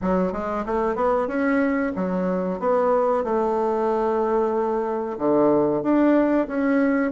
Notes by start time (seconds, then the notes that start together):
0.01 F#3
0.32 G#3
0.65 A3
0.95 B3
1.27 C#4
1.95 F#3
2.59 B3
3.24 A3
5.18 D3
5.82 D4
6.47 C#4